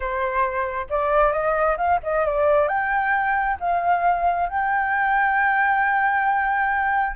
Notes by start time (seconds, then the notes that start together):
0.00 C5
0.89 D5
1.32 D#5
1.77 F5
2.03 D#5
2.25 D5
2.67 G5
3.60 F5
4.49 G5